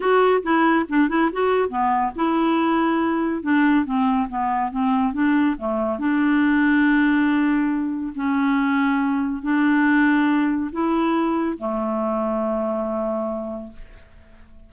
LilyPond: \new Staff \with { instrumentName = "clarinet" } { \time 4/4 \tempo 4 = 140 fis'4 e'4 d'8 e'8 fis'4 | b4 e'2. | d'4 c'4 b4 c'4 | d'4 a4 d'2~ |
d'2. cis'4~ | cis'2 d'2~ | d'4 e'2 a4~ | a1 | }